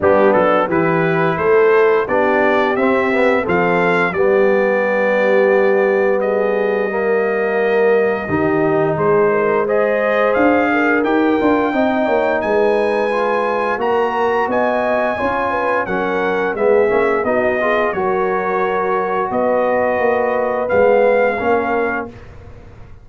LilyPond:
<<
  \new Staff \with { instrumentName = "trumpet" } { \time 4/4 \tempo 4 = 87 g'8 a'8 b'4 c''4 d''4 | e''4 f''4 d''2~ | d''4 dis''2.~ | dis''4 c''4 dis''4 f''4 |
g''2 gis''2 | ais''4 gis''2 fis''4 | e''4 dis''4 cis''2 | dis''2 f''2 | }
  \new Staff \with { instrumentName = "horn" } { \time 4/4 d'4 g'4 a'4 g'4~ | g'4 a'4 g'2~ | g'4 gis'4 ais'2 | g'4 gis'8 ais'8 c''4. ais'8~ |
ais'4 dis''8 cis''8 b'2 | ais'4 dis''4 cis''8 b'8 ais'4 | gis'4 fis'8 gis'8 ais'2 | b'2. ais'4 | }
  \new Staff \with { instrumentName = "trombone" } { \time 4/4 b4 e'2 d'4 | c'8 b8 c'4 b2~ | b2 ais2 | dis'2 gis'2 |
g'8 f'8 dis'2 f'4 | fis'2 f'4 cis'4 | b8 cis'8 dis'8 f'8 fis'2~ | fis'2 b4 cis'4 | }
  \new Staff \with { instrumentName = "tuba" } { \time 4/4 g8 fis8 e4 a4 b4 | c'4 f4 g2~ | g1 | dis4 gis2 d'4 |
dis'8 d'8 c'8 ais8 gis2 | ais4 b4 cis'4 fis4 | gis8 ais8 b4 fis2 | b4 ais4 gis4 ais4 | }
>>